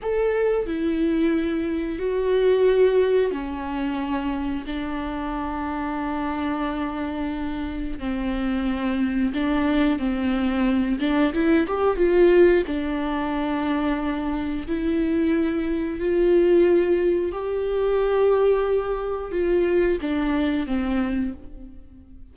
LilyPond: \new Staff \with { instrumentName = "viola" } { \time 4/4 \tempo 4 = 90 a'4 e'2 fis'4~ | fis'4 cis'2 d'4~ | d'1 | c'2 d'4 c'4~ |
c'8 d'8 e'8 g'8 f'4 d'4~ | d'2 e'2 | f'2 g'2~ | g'4 f'4 d'4 c'4 | }